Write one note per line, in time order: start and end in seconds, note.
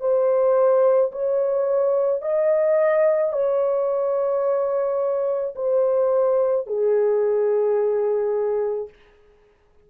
0.00 1.11 C5
1.12 2.22 C#5
2.22 3.32 D#5
3.32 5.55 C#5
5.56 6.67 C5
6.67 8.89 G#4